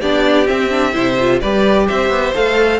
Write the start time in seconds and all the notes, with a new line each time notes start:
0.00 B3 D4 G4 D5
0.46 C4 E5
0.70 D4
0.92 C3 E4 C5
1.20 F4
1.40 G3 G4 B4 D5
1.88 C4 C5 E5
2.09 B3
2.35 A3 A4 F5